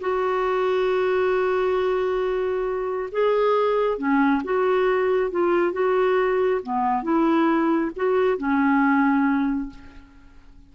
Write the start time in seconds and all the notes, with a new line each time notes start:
0.00 F#4
3.11 G#4
3.97 C#4
4.44 F#4
5.31 F4
5.72 F#4
6.63 B3
7.02 E4
7.96 F#4
8.37 C#4